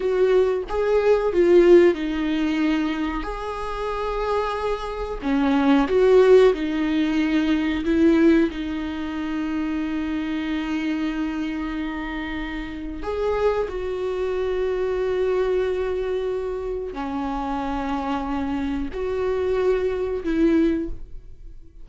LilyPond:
\new Staff \with { instrumentName = "viola" } { \time 4/4 \tempo 4 = 92 fis'4 gis'4 f'4 dis'4~ | dis'4 gis'2. | cis'4 fis'4 dis'2 | e'4 dis'2.~ |
dis'1 | gis'4 fis'2.~ | fis'2 cis'2~ | cis'4 fis'2 e'4 | }